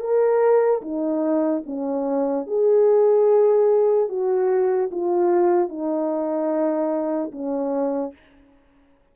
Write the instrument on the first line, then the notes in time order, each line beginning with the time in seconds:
horn
0.00 A#4
0.81 D#4
1.66 C#4
2.47 G#4
4.09 F#4
4.91 F4
5.69 D#4
7.32 C#4